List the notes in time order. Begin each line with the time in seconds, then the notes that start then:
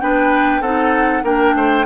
0.00 B3 D4 B4 G5
0.61 C4 D#4 A4 F#5
1.23 A#3 D4 A#4 G5
1.55 A3 C5